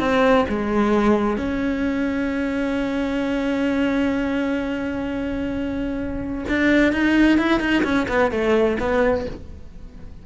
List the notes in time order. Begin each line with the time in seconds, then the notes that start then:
0.00 C4
0.49 G#3
1.37 C#4
6.49 D4
6.93 D#4
7.38 E4
7.60 D#4
7.84 C#4
8.09 B3
8.31 A3
8.80 B3